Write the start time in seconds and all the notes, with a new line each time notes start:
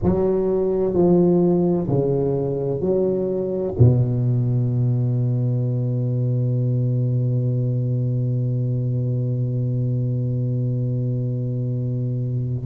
0.03 F#3
0.93 F3
1.87 C#3
2.80 F#3
3.78 B2